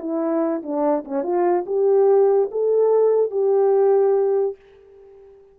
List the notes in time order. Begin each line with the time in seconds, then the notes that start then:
0.00 E4
0.63 D4
1.05 C#4
1.23 F4
1.67 G4
2.52 A4
3.31 G4